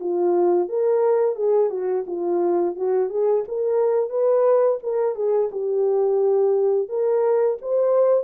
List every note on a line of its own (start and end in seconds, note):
0.00 0.69 F4
0.69 1.36 A#4
1.36 1.70 G#4
1.70 2.05 F#4
2.07 2.76 F4
2.76 3.10 F#4
3.10 3.44 G#4
3.48 4.10 A#4
4.10 4.79 B4
4.83 5.15 A#4
5.15 5.50 G#4
5.52 6.89 G4
6.89 7.58 A#4
7.62 8.24 C5